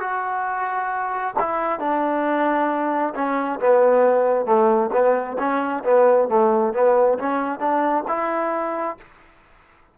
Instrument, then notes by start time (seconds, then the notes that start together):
trombone
0.00 F#4
1.40 E4
1.80 D4
3.15 C#4
3.60 B3
4.46 A3
4.93 B3
5.39 C#4
5.85 B3
6.29 A3
6.74 B3
7.19 C#4
7.60 D4
8.08 E4